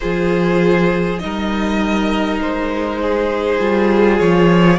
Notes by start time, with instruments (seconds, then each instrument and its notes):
0.00 cello F3, viola F4, violin G#4 C5
1.18 cello G3, viola D#4, violin A#4 D#5
2.38 cello G#3, violin C5
3.01 violin G#4
3.58 cello G3, viola F4
4.19 cello F3, violin C#5